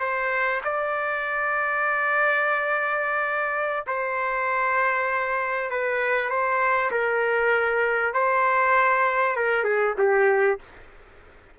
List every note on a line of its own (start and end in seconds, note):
0.00 0.61 C5
0.64 3.85 D5
3.87 5.70 C5
5.70 6.29 B4
6.29 6.91 C5
6.91 8.13 A#4
8.13 9.36 C5
9.36 9.64 A#4
9.64 9.94 G#4
9.98 10.59 G4